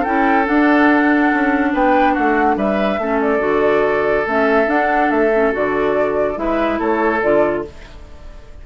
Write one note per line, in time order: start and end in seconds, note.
0.00 0.48 C#4
0.00 0.45 E4
0.00 1.69 A4
0.00 0.46 G5
0.45 2.98 D4
0.45 1.32 D4
0.45 1.73 F#5
1.32 1.73 C#4
1.73 2.15 B3
1.73 2.13 B4
1.73 2.13 G5
2.13 2.56 A3
2.13 2.55 F#4
2.13 2.55 F#5
2.56 2.98 G3
2.56 2.99 B4
2.56 3.20 E5
2.98 3.39 A3
2.98 3.39 C#4
2.98 6.40 A4
3.21 4.27 D5
3.39 4.23 D3
3.39 4.23 F#4
4.26 4.66 A3
4.26 4.67 C#4
4.26 4.69 E5
4.66 5.09 D4
4.66 5.30 D4
4.66 5.10 F#5
5.10 5.53 A3
5.10 5.52 E5
5.33 5.52 C#4
5.52 6.36 D3
5.52 6.35 F#4
5.52 6.38 D5
6.35 6.79 G#3
6.35 7.19 E4
6.35 6.79 B4
6.35 6.80 E5
6.79 7.22 A3
6.79 7.63 A4
6.79 7.22 C#5
7.22 7.66 D3
7.22 7.64 F4
7.22 7.64 D5